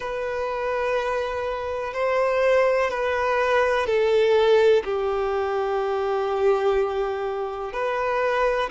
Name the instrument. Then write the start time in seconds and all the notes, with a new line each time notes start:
violin
0.00 B4
1.94 C5
2.90 B4
3.86 A4
4.84 G4
7.72 B4